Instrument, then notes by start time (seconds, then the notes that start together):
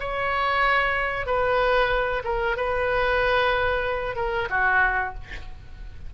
oboe
0.00 C#5
1.26 B4
2.24 A#4
2.57 B4
4.16 A#4
4.50 F#4